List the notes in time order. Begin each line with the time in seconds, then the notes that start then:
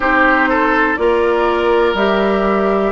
0.00 C4 D#4 G4 C5
0.49 A4
0.96 A#3 F4 A#4 D5
1.94 G3 G4 E5